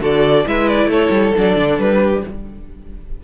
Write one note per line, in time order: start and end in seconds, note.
0.00 0.44 D3
0.00 0.45 F#4
0.00 0.46 A4
0.00 0.48 D5
0.46 0.86 G#3
0.46 1.35 E4
0.46 0.90 B4
0.46 0.68 E5
0.68 0.90 D5
0.86 1.08 A3
0.86 2.01 A4
0.86 1.35 C#5
1.10 1.32 G3
1.35 1.56 F#3
1.35 2.24 D4
1.35 1.79 D5
1.56 1.78 D3
1.78 2.23 G3
1.78 2.23 B4
2.01 2.24 G4